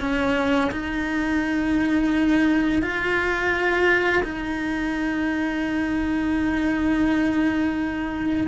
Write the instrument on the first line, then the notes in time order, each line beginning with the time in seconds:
cello
0.00 C#4
0.71 D#4
2.82 F4
4.23 D#4